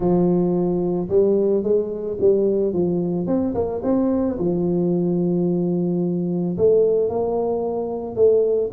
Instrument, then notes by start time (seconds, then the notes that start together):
tuba
0.00 F3
1.08 G3
1.63 G#3
2.20 G3
2.73 F3
3.27 C4
3.54 A#3
3.83 C4
4.39 F3
6.57 A3
7.09 A#3
8.15 A3